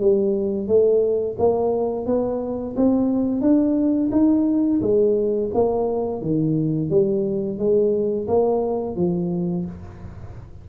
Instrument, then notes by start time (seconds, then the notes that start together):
tuba
0.00 G3
0.68 A3
1.39 A#3
2.06 B3
2.76 C4
3.41 D4
4.12 D#4
4.82 G#3
5.54 A#3
6.22 D#3
6.90 G3
7.59 G#3
8.28 A#3
8.97 F3